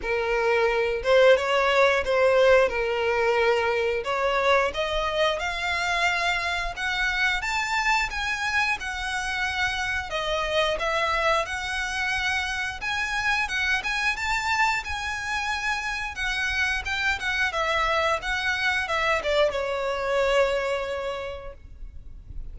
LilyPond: \new Staff \with { instrumentName = "violin" } { \time 4/4 \tempo 4 = 89 ais'4. c''8 cis''4 c''4 | ais'2 cis''4 dis''4 | f''2 fis''4 a''4 | gis''4 fis''2 dis''4 |
e''4 fis''2 gis''4 | fis''8 gis''8 a''4 gis''2 | fis''4 g''8 fis''8 e''4 fis''4 | e''8 d''8 cis''2. | }